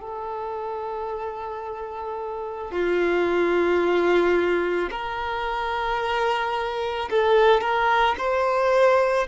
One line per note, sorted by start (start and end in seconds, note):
0.00 2.72 A4
2.72 4.90 F4
4.91 7.10 A#4
7.10 7.61 A4
7.61 8.16 A#4
8.18 9.27 C5